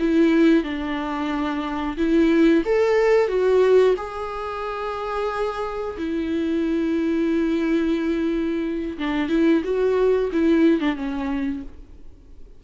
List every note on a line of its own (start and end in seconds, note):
0.00 0.64 E4
0.64 1.98 D4
1.98 2.64 E4
2.66 3.28 A4
3.28 3.95 F#4
3.97 5.97 G#4
5.98 8.98 E4
8.99 9.29 D4
9.29 9.63 E4
9.64 10.31 F#4
10.33 10.81 E4
10.81 10.96 D4
10.96 11.63 C#4